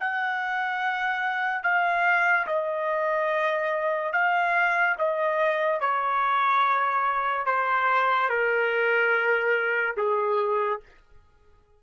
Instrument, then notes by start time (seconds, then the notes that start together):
trumpet
0.00 F#5
1.63 F5
2.47 D#5
4.13 F5
4.98 D#5
5.81 C#5
7.46 C5
8.30 A#4
9.97 G#4